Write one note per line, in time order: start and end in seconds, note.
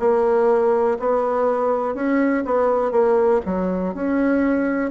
0.00 0.98 A#3
1.00 1.95 B3
1.95 2.44 C#4
2.45 2.92 B3
2.92 3.41 A#3
3.46 3.95 F#3
3.95 4.91 C#4